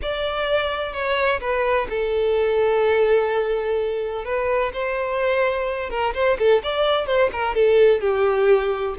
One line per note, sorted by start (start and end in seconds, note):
0.02 0.92 D5
0.92 1.40 C#5
1.40 1.87 B4
1.89 4.24 A4
4.24 4.72 B4
4.73 5.90 C5
5.90 6.13 A#4
6.14 6.37 C5
6.38 6.62 A4
6.63 7.06 D5
7.06 7.30 C5
7.32 7.54 A#4
7.54 8.00 A4
8.00 8.95 G4